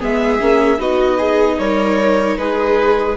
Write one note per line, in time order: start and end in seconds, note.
0.00 0.41 G#3
0.00 0.40 B3
0.00 0.79 G#4
0.00 0.81 E5
0.41 0.79 A#3
0.41 0.78 C#4
0.78 1.58 B3
0.78 3.15 D#4
0.78 1.18 F#4
0.78 1.59 D#5
1.18 1.57 G#4
1.58 2.37 G3
1.58 2.39 A#4
1.58 2.37 C#5
2.38 3.17 G#3
2.38 3.17 G#4
2.38 3.17 B4